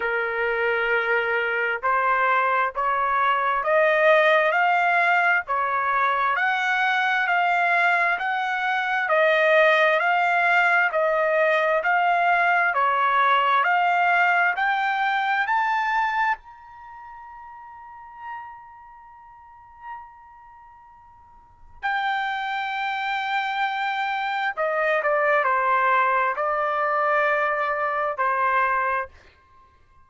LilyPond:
\new Staff \with { instrumentName = "trumpet" } { \time 4/4 \tempo 4 = 66 ais'2 c''4 cis''4 | dis''4 f''4 cis''4 fis''4 | f''4 fis''4 dis''4 f''4 | dis''4 f''4 cis''4 f''4 |
g''4 a''4 ais''2~ | ais''1 | g''2. dis''8 d''8 | c''4 d''2 c''4 | }